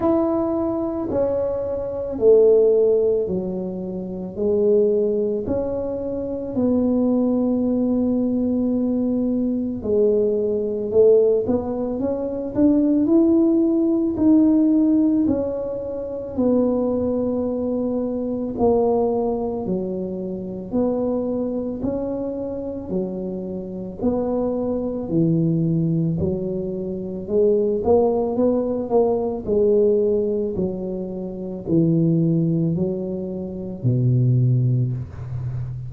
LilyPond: \new Staff \with { instrumentName = "tuba" } { \time 4/4 \tempo 4 = 55 e'4 cis'4 a4 fis4 | gis4 cis'4 b2~ | b4 gis4 a8 b8 cis'8 d'8 | e'4 dis'4 cis'4 b4~ |
b4 ais4 fis4 b4 | cis'4 fis4 b4 e4 | fis4 gis8 ais8 b8 ais8 gis4 | fis4 e4 fis4 b,4 | }